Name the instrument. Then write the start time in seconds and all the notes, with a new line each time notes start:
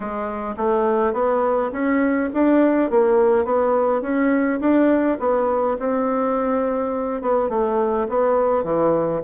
bassoon
0.00 G#3
0.56 A3
1.13 B3
1.72 C#4
2.33 D4
2.90 A#3
3.44 B3
4.01 C#4
4.60 D4
5.19 B3
5.78 C4
7.21 B3
7.49 A3
8.08 B3
8.63 E3